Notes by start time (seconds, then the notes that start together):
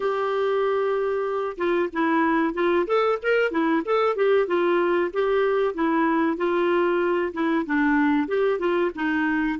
0.00 G4
1.57 F4
1.93 E4
2.54 F4
2.86 A4
3.22 A#4
3.51 E4
3.85 A4
4.15 G4
4.47 F4
5.13 G4
5.74 E4
6.37 F4
7.33 E4
7.66 D4
8.27 G4
8.59 F4
8.95 D#4